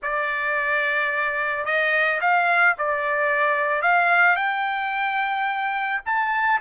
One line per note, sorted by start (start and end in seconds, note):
0.02 1.65 D5
1.65 2.20 D#5
2.20 2.75 F5
2.77 3.82 D5
3.82 4.36 F5
4.36 6.01 G5
6.05 6.60 A5